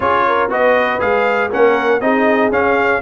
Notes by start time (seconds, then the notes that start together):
0.00 C#4 F4 G#4 C#5
0.26 A#4
0.49 B3 F#4 B4 D#5
0.99 G#3 G#4 F5
1.50 A#3 C#4 A#4 F#5
2.00 C4 D#4 G#4 D#5
2.51 C#4 F5